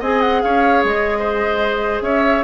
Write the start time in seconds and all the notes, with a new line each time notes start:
0.00 C4 G#4 D#5 G#5
0.21 F#5
0.42 C#4 C#5 F5
0.84 G#3 D#5
1.19 C5
2.02 C#4 C#5 E5